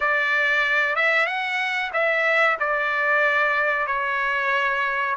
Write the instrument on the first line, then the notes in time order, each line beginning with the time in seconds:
trumpet
0.00 D5
0.95 E5
1.26 F#5
1.93 E5
2.59 D5
3.87 C#5